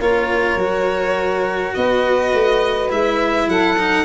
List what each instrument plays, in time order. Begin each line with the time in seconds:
0.00 tuba A#3, cello F4, saxophone A#4, violin C#5
0.55 tuba F#3, cello F#4
1.74 tuba B3, saxophone B4, violin D#5
2.33 tuba A3
2.90 tuba G#3, cello E4, violin E5
3.48 tuba F#3, saxophone A4, violin F#5
3.78 cello D#4